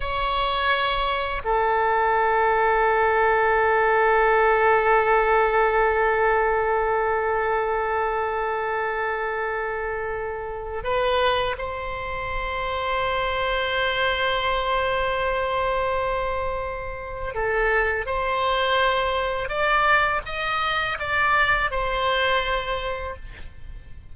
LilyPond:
\new Staff \with { instrumentName = "oboe" } { \time 4/4 \tempo 4 = 83 cis''2 a'2~ | a'1~ | a'1~ | a'2. b'4 |
c''1~ | c''1 | a'4 c''2 d''4 | dis''4 d''4 c''2 | }